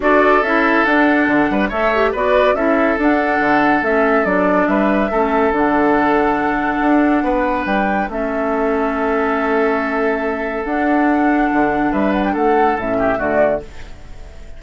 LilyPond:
<<
  \new Staff \with { instrumentName = "flute" } { \time 4/4 \tempo 4 = 141 d''4 e''4 fis''2 | e''4 d''4 e''4 fis''4~ | fis''4 e''4 d''4 e''4~ | e''4 fis''2.~ |
fis''2 g''4 e''4~ | e''1~ | e''4 fis''2. | e''8 fis''16 g''16 fis''4 e''4 d''4 | }
  \new Staff \with { instrumentName = "oboe" } { \time 4/4 a'2.~ a'8 b'8 | cis''4 b'4 a'2~ | a'2. b'4 | a'1~ |
a'4 b'2 a'4~ | a'1~ | a'1 | b'4 a'4. g'8 fis'4 | }
  \new Staff \with { instrumentName = "clarinet" } { \time 4/4 fis'4 e'4 d'2 | a'8 g'8 fis'4 e'4 d'4~ | d'4 cis'4 d'2 | cis'4 d'2.~ |
d'2. cis'4~ | cis'1~ | cis'4 d'2.~ | d'2 cis'4 a4 | }
  \new Staff \with { instrumentName = "bassoon" } { \time 4/4 d'4 cis'4 d'4 d8 g8 | a4 b4 cis'4 d'4 | d4 a4 fis4 g4 | a4 d2. |
d'4 b4 g4 a4~ | a1~ | a4 d'2 d4 | g4 a4 a,4 d4 | }
>>